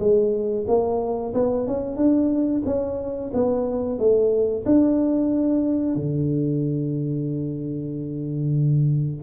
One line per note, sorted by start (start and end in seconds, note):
0.00 0.66 G#3
0.68 1.34 A#3
1.35 1.68 B3
1.68 1.97 C#4
1.97 2.63 D4
2.66 3.32 C#4
3.34 3.99 B3
3.99 4.65 A3
4.66 5.96 D4
5.96 9.23 D3